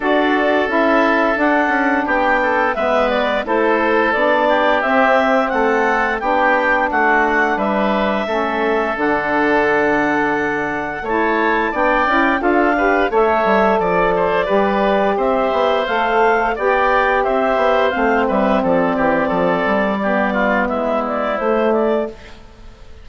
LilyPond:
<<
  \new Staff \with { instrumentName = "clarinet" } { \time 4/4 \tempo 4 = 87 d''4 e''4 fis''4 g''4 | e''8 d''8 c''4 d''4 e''4 | fis''4 g''4 fis''4 e''4~ | e''4 fis''2. |
a''4 g''4 f''4 e''4 | d''2 e''4 f''4 | g''4 e''4 f''8 e''8 d''4~ | d''2 e''8 d''8 c''8 d''8 | }
  \new Staff \with { instrumentName = "oboe" } { \time 4/4 a'2. g'8 a'8 | b'4 a'4. g'4. | a'4 g'4 fis'4 b'4 | a'1 |
cis''4 d''4 a'8 b'8 cis''4 | d''8 c''8 b'4 c''2 | d''4 c''4. b'8 a'8 g'8 | a'4 g'8 f'8 e'2 | }
  \new Staff \with { instrumentName = "saxophone" } { \time 4/4 fis'4 e'4 d'2 | b4 e'4 d'4 c'4~ | c'4 d'2. | cis'4 d'2. |
e'4 d'8 e'8 f'8 g'8 a'4~ | a'4 g'2 a'4 | g'2 c'2~ | c'4 b2 a4 | }
  \new Staff \with { instrumentName = "bassoon" } { \time 4/4 d'4 cis'4 d'8 cis'8 b4 | gis4 a4 b4 c'4 | a4 b4 a4 g4 | a4 d2. |
a4 b8 cis'8 d'4 a8 g8 | f4 g4 c'8 b8 a4 | b4 c'8 b8 a8 g8 f8 e8 | f8 g4. gis4 a4 | }
>>